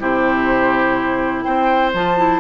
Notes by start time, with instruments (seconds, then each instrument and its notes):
0.00 bassoon C3, clarinet E4, oboe G4, flute C5
1.43 bassoon C4, oboe C5, flute G5
1.94 bassoon F3, clarinet F4, flute A5
2.18 clarinet E4